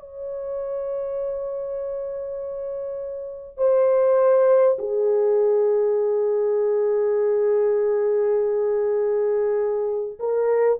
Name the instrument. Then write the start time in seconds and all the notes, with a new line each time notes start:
horn
0.00 C#5
3.57 C5
4.78 G#4
10.19 A#4